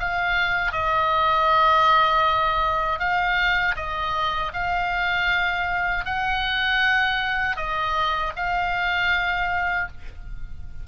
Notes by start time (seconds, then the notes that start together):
0.00 F5
0.72 D#5
3.00 F5
3.77 D#5
4.54 F5
6.06 F#5
7.57 D#5
8.36 F5